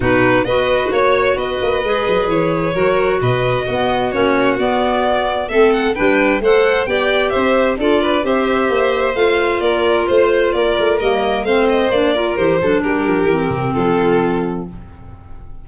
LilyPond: <<
  \new Staff \with { instrumentName = "violin" } { \time 4/4 \tempo 4 = 131 b'4 dis''4 cis''4 dis''4~ | dis''4 cis''2 dis''4~ | dis''4 cis''4 d''2 | e''8 fis''8 g''4 fis''4 g''4 |
e''4 d''4 e''2 | f''4 d''4 c''4 d''4 | dis''4 f''8 dis''8 d''4 c''4 | ais'2 a'2 | }
  \new Staff \with { instrumentName = "violin" } { \time 4/4 fis'4 b'4 cis''4 b'4~ | b'2 ais'4 b'4 | fis'1 | a'4 b'4 c''4 d''4 |
c''4 a'8 b'8 c''2~ | c''4 ais'4 c''4 ais'4~ | ais'4 c''4. ais'4 a'8 | g'2 f'2 | }
  \new Staff \with { instrumentName = "clarinet" } { \time 4/4 dis'4 fis'2. | gis'2 fis'2 | b4 cis'4 b2 | c'4 d'4 a'4 g'4~ |
g'4 f'4 g'2 | f'1 | ais4 c'4 d'8 f'8 g'8 d'8~ | d'4 c'2. | }
  \new Staff \with { instrumentName = "tuba" } { \time 4/4 b,4 b4 ais4 b8 ais8 | gis8 fis8 e4 fis4 b,4 | b4 ais4 b2 | a4 g4 a4 b4 |
c'4 d'4 c'4 ais4 | a4 ais4 a4 ais8 a8 | g4 a4 ais4 e8 fis8 | g8 f8 e8 c8 f2 | }
>>